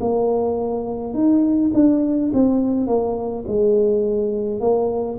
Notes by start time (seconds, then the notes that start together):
0.00 A#3
1.14 D#4
1.74 D4
2.33 C4
2.87 A#3
3.47 G#3
4.60 A#3